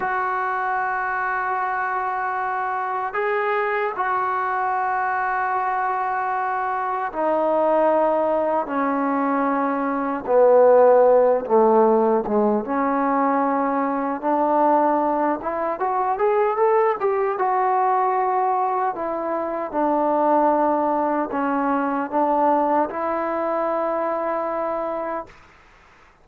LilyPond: \new Staff \with { instrumentName = "trombone" } { \time 4/4 \tempo 4 = 76 fis'1 | gis'4 fis'2.~ | fis'4 dis'2 cis'4~ | cis'4 b4. a4 gis8 |
cis'2 d'4. e'8 | fis'8 gis'8 a'8 g'8 fis'2 | e'4 d'2 cis'4 | d'4 e'2. | }